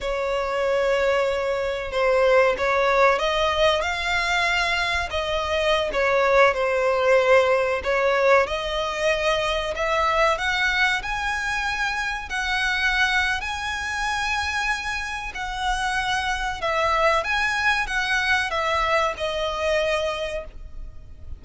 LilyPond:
\new Staff \with { instrumentName = "violin" } { \time 4/4 \tempo 4 = 94 cis''2. c''4 | cis''4 dis''4 f''2 | dis''4~ dis''16 cis''4 c''4.~ c''16~ | c''16 cis''4 dis''2 e''8.~ |
e''16 fis''4 gis''2 fis''8.~ | fis''4 gis''2. | fis''2 e''4 gis''4 | fis''4 e''4 dis''2 | }